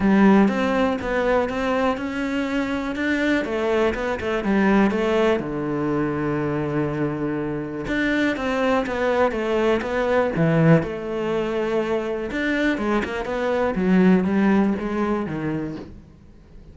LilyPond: \new Staff \with { instrumentName = "cello" } { \time 4/4 \tempo 4 = 122 g4 c'4 b4 c'4 | cis'2 d'4 a4 | b8 a8 g4 a4 d4~ | d1 |
d'4 c'4 b4 a4 | b4 e4 a2~ | a4 d'4 gis8 ais8 b4 | fis4 g4 gis4 dis4 | }